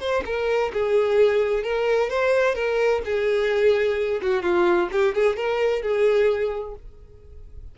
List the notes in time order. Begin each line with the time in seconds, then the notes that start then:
0.00 C5
0.25 A#4
0.73 G#4
1.63 A#4
2.10 C5
2.55 A#4
3.04 G#4
4.21 F#4
4.42 F4
4.92 G4
5.14 G#4
5.36 A#4
5.82 G#4